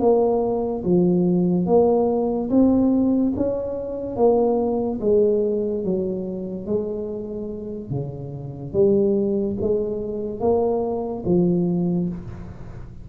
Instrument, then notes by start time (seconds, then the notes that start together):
tuba
0.00 A#3
0.84 F3
1.67 A#3
2.50 C4
3.37 C#4
4.16 A#3
5.01 G#3
5.84 F#3
6.66 G#3
7.91 C#3
8.73 G3
9.61 G#3
10.40 A#3
11.25 F3